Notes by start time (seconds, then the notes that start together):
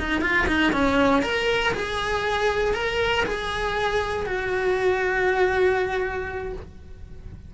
0.00 D#4
0.22 F4
0.47 D#4
0.73 C#4
1.23 A#4
1.74 G#4
2.74 A#4
3.26 G#4
4.26 F#4